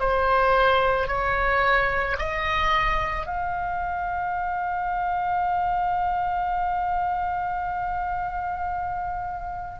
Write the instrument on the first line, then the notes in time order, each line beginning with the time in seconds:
oboe
0.00 C5
1.08 C#5
2.19 D#5
3.26 F5